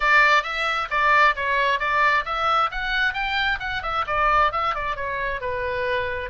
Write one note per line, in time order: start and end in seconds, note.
0.00 0.43 D5
0.43 0.88 E5
0.90 1.35 D5
1.35 1.79 C#5
1.79 2.24 D5
2.25 2.70 E5
2.71 3.13 F#5
3.13 3.58 G5
3.59 3.82 F#5
3.82 4.05 E5
4.06 4.52 D5
4.52 4.74 E5
4.74 4.96 D5
4.96 5.40 C#5
5.40 6.30 B4